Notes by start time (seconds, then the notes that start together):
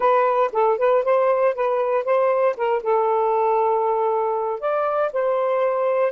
0.00 B4
0.52 A4
0.78 B4
1.04 C5
1.54 B4
2.04 C5
2.56 A#4
2.83 A4
4.60 D5
5.12 C5